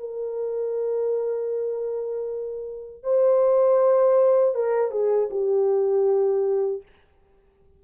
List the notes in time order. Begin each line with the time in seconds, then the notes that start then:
0.00 A#4
3.03 C5
4.55 A#4
4.92 G#4
5.31 G4